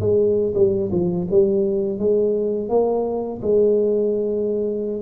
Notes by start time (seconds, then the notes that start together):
0.00 G#3
0.55 G3
0.92 F3
1.31 G3
1.99 G#3
2.69 A#3
3.42 G#3